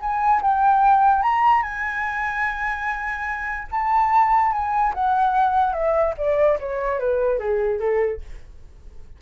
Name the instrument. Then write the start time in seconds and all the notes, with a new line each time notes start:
flute
0.00 G#5
0.41 G5
1.22 A#5
1.62 G#5
3.71 A5
4.52 G#5
4.94 F#5
5.73 E5
6.17 D5
6.60 C#5
6.99 B4
7.39 G#4
7.80 A4